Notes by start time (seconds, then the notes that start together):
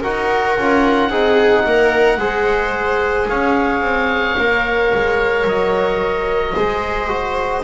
0.00 D#4 F#4 A#4 F#5
0.57 C#4 F4
1.09 C4 D#4 G#4
1.65 A#3 A#4
2.17 G#3 G#4 C5
3.28 C#4 C#5 F5
3.80 C4
4.38 A#3 A#4
4.94 G#3
5.44 F#3 D#5
6.55 G#3 G#4 C5
7.08 F#4